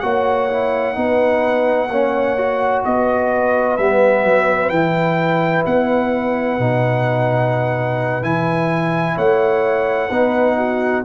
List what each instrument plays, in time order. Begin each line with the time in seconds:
0.00 tuba A#3, trombone F#4, horn C#5, trumpet F#5
0.50 trombone E4
0.95 tuba B3, trombone D#4, horn B4
1.89 tuba A#3, trombone C#4, horn C#5
2.37 trombone F#4
2.85 tuba B3, horn B4, trumpet D#5
3.77 tuba G3, trombone B3, trumpet E5
4.24 tuba F#3
4.69 tuba E3, trombone E4, trumpet G5
5.66 tuba B3, trumpet F#5
6.59 tuba B2, trombone D#4
8.22 tuba E3, trombone E4, trumpet G#5
9.15 tuba A3, horn C#5, trumpet F#5
10.08 tuba B3, trombone D#4, horn B4
10.57 horn F#4